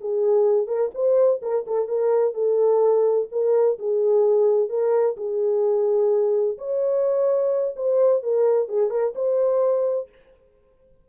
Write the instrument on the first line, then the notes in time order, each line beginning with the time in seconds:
horn
0.00 G#4
0.67 A#4
0.94 C5
1.42 A#4
1.66 A4
1.88 A#4
2.34 A4
3.31 A#4
3.78 G#4
4.69 A#4
5.17 G#4
6.58 C#5
7.76 C5
8.22 A#4
8.68 G#4
8.90 A#4
9.15 C5